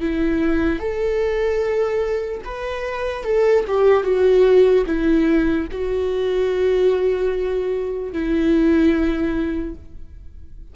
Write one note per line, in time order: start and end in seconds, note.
0.00 0.79 E4
0.79 2.41 A4
2.44 3.24 B4
3.24 3.64 A4
3.67 4.03 G4
4.03 4.84 F#4
4.86 5.67 E4
5.71 8.12 F#4
8.12 9.74 E4